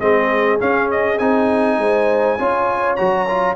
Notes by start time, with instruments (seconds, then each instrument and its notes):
0.00 tuba G#3, trombone C4, horn G#4, trumpet D#5
0.59 trombone C#4, tuba C#4, trumpet F5
0.91 trumpet D#5
1.18 tuba C4, trombone D#4, trumpet G#5
1.78 tuba G#3, horn C5
2.39 tuba C#4, trombone F4, horn C#5
2.96 tuba F#3, trombone F#4, trumpet A#5
3.28 trombone F4